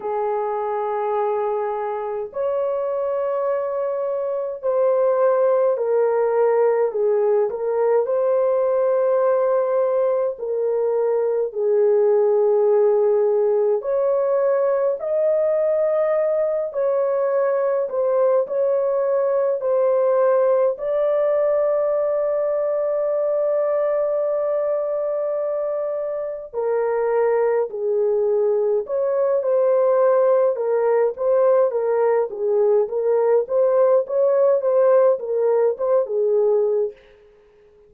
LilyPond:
\new Staff \with { instrumentName = "horn" } { \time 4/4 \tempo 4 = 52 gis'2 cis''2 | c''4 ais'4 gis'8 ais'8 c''4~ | c''4 ais'4 gis'2 | cis''4 dis''4. cis''4 c''8 |
cis''4 c''4 d''2~ | d''2. ais'4 | gis'4 cis''8 c''4 ais'8 c''8 ais'8 | gis'8 ais'8 c''8 cis''8 c''8 ais'8 c''16 gis'8. | }